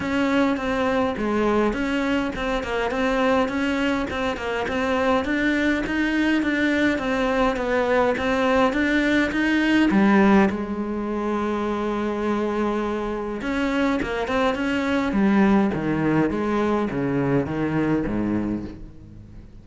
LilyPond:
\new Staff \with { instrumentName = "cello" } { \time 4/4 \tempo 4 = 103 cis'4 c'4 gis4 cis'4 | c'8 ais8 c'4 cis'4 c'8 ais8 | c'4 d'4 dis'4 d'4 | c'4 b4 c'4 d'4 |
dis'4 g4 gis2~ | gis2. cis'4 | ais8 c'8 cis'4 g4 dis4 | gis4 cis4 dis4 gis,4 | }